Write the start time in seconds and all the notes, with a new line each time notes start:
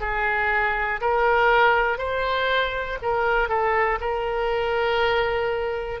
0.00 G#4
1.00 A#4
1.98 C5
3.02 A#4
3.48 A4
4.00 A#4